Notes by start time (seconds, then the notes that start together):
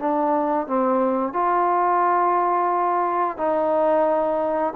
0.00 D4
0.68 C4
1.34 F4
3.38 D#4